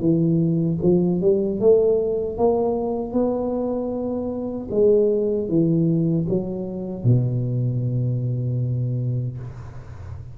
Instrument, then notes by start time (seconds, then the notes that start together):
tuba
0.00 E3
0.82 F3
1.21 G3
1.60 A3
2.37 A#3
3.13 B3
4.71 G#3
5.48 E3
6.29 F#3
7.04 B2